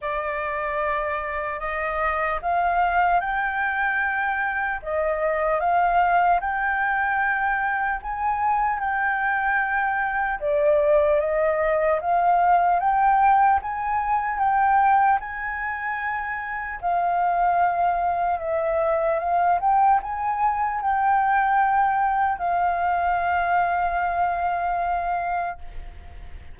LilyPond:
\new Staff \with { instrumentName = "flute" } { \time 4/4 \tempo 4 = 75 d''2 dis''4 f''4 | g''2 dis''4 f''4 | g''2 gis''4 g''4~ | g''4 d''4 dis''4 f''4 |
g''4 gis''4 g''4 gis''4~ | gis''4 f''2 e''4 | f''8 g''8 gis''4 g''2 | f''1 | }